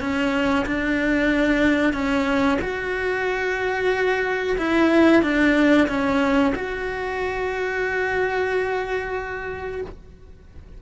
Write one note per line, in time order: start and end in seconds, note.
0.00 0.65 C#4
0.66 1.93 D4
1.93 2.58 C#4
2.61 4.57 F#4
4.58 5.22 E4
5.22 5.88 D4
5.88 6.53 C#4
6.55 9.82 F#4